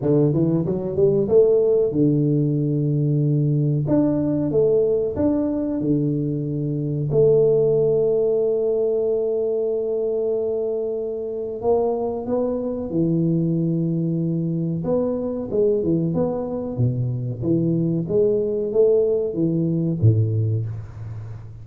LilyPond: \new Staff \with { instrumentName = "tuba" } { \time 4/4 \tempo 4 = 93 d8 e8 fis8 g8 a4 d4~ | d2 d'4 a4 | d'4 d2 a4~ | a1~ |
a2 ais4 b4 | e2. b4 | gis8 e8 b4 b,4 e4 | gis4 a4 e4 a,4 | }